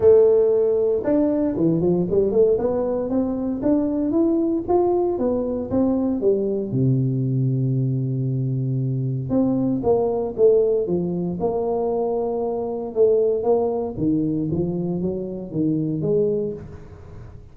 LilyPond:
\new Staff \with { instrumentName = "tuba" } { \time 4/4 \tempo 4 = 116 a2 d'4 e8 f8 | g8 a8 b4 c'4 d'4 | e'4 f'4 b4 c'4 | g4 c2.~ |
c2 c'4 ais4 | a4 f4 ais2~ | ais4 a4 ais4 dis4 | f4 fis4 dis4 gis4 | }